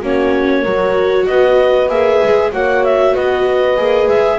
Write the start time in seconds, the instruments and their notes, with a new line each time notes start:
0.00 double bass A#3, viola C#4, horn F#4, clarinet C#5
0.61 double bass F#3, viola F#4, horn A#4
1.26 double bass B3, horn B4, clarinet D#5
1.89 double bass A#3, viola G#4, clarinet E5
2.23 double bass G#3
2.52 double bass A#3, viola F#4, horn C#5, clarinet F#5
2.84 clarinet E5
3.13 double bass B3, horn B4, clarinet D#5
3.77 double bass A#3, viola G#4
4.07 double bass G#3, clarinet E5